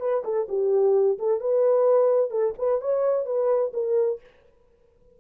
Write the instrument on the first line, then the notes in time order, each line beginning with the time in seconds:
horn
0.00 B4
0.24 A4
0.49 G4
1.19 A4
1.40 B4
2.31 A4
2.58 B4
2.81 C#5
3.26 B4
3.74 A#4